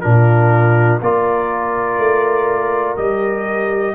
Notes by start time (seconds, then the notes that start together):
0.00 A#2 D4 F4 A#4
1.01 A#3 F4 A#4 D5
1.98 A3
2.96 G3 G4 D#5